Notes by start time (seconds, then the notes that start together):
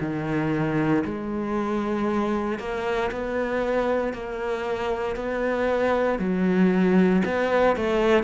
0.00 D#3
1.05 G#3
2.59 A#3
3.11 B3
4.14 A#3
5.16 B3
6.19 F#3
7.25 B3
7.76 A3